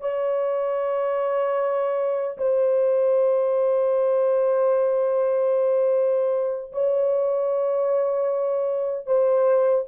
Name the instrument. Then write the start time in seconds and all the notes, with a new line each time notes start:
horn
0.00 C#5
2.38 C5
6.72 C#5
9.06 C5